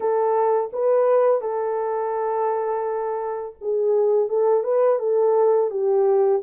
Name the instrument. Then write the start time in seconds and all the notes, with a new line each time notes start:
horn
0.00 A4
0.72 B4
1.41 A4
3.61 G#4
4.28 A4
4.63 B4
4.99 A4
5.70 G4